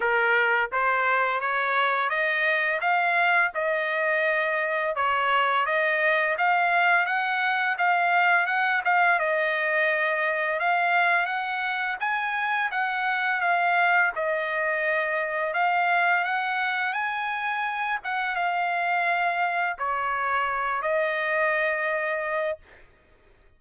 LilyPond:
\new Staff \with { instrumentName = "trumpet" } { \time 4/4 \tempo 4 = 85 ais'4 c''4 cis''4 dis''4 | f''4 dis''2 cis''4 | dis''4 f''4 fis''4 f''4 | fis''8 f''8 dis''2 f''4 |
fis''4 gis''4 fis''4 f''4 | dis''2 f''4 fis''4 | gis''4. fis''8 f''2 | cis''4. dis''2~ dis''8 | }